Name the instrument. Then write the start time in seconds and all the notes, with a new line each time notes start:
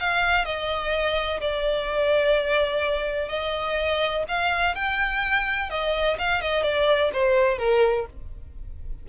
violin
0.00 F5
0.45 D#5
1.41 D5
3.29 D#5
4.28 F5
4.75 G5
5.70 D#5
6.19 F5
6.41 D#5
6.63 D5
7.13 C5
7.58 A#4